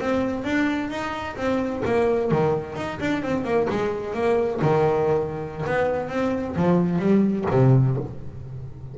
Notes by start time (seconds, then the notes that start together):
0.00 C4
0.44 D4
0.90 D#4
1.36 C4
1.85 A#3
2.31 D#3
2.76 D#4
3.00 D4
3.22 C4
3.44 A#3
3.69 G#3
4.14 A#3
4.61 D#3
5.66 B3
6.09 C4
6.56 F3
6.99 G3
7.51 C3